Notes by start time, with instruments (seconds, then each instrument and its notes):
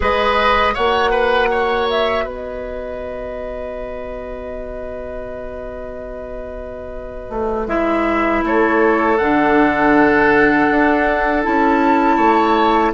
0.00 bassoon G#3, clarinet G#4, oboe B4, flute D#5
0.74 bassoon A#3, clarinet F#4, oboe C#5, flute F#5
1.10 oboe B4
1.50 oboe C#5
1.90 flute E5
2.24 bassoon B3, oboe B4, flute D#5
7.29 bassoon A3
7.67 bassoon G#3, clarinet E4, flute E5
8.43 bassoon A3, oboe A4, flute C#5
9.17 bassoon D3, clarinet D4, flute F#5
10.70 bassoon D4
11.43 bassoon C#4, clarinet E4, flute A5
12.16 bassoon A3, oboe C#5